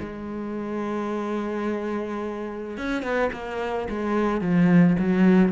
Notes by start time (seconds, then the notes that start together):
0.00 G#3
2.78 C#4
3.03 B3
3.33 A#3
3.90 G#3
4.41 F3
4.99 F#3